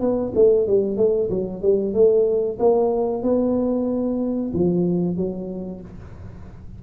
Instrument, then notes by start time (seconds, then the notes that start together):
tuba
0.00 B3
0.35 A3
0.67 G3
0.97 A3
1.30 F#3
1.62 G3
1.94 A3
2.59 A#3
3.23 B3
4.53 F3
5.16 F#3